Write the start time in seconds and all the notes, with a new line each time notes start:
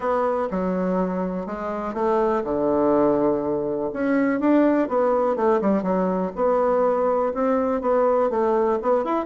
0.00 B3
0.50 F#3
1.46 G#3
1.94 A3
2.44 D3
3.93 C#4
4.40 D4
4.88 B3
5.35 A3
5.61 G3
5.82 F#3
6.35 B3
7.34 C4
7.81 B3
8.29 A3
8.82 B3
9.04 E4